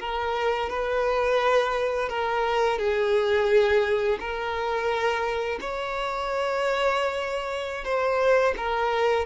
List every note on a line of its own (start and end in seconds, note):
0.00 0.70 A#4
0.70 2.09 B4
2.10 2.79 A#4
2.79 4.19 G#4
4.20 5.60 A#4
5.61 7.85 C#5
7.85 8.55 C5
8.57 9.26 A#4